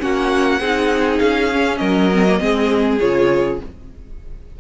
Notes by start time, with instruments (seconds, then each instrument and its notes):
0.00 cello A#3, viola C#4, violin F#4 F#5
0.60 cello C4, viola D#4, violin G#4
1.19 cello C#4, violin F5
1.52 viola C#4
1.78 cello F#3, violin A#4 D#5
2.13 viola C4
2.28 viola A#3
2.40 cello G#3, viola C4, violin G#4
3.00 cello C#3, viola F4, violin C#5